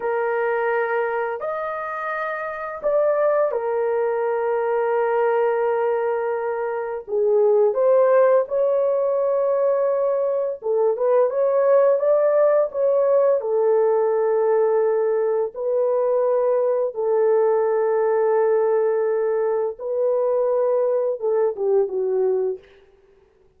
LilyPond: \new Staff \with { instrumentName = "horn" } { \time 4/4 \tempo 4 = 85 ais'2 dis''2 | d''4 ais'2.~ | ais'2 gis'4 c''4 | cis''2. a'8 b'8 |
cis''4 d''4 cis''4 a'4~ | a'2 b'2 | a'1 | b'2 a'8 g'8 fis'4 | }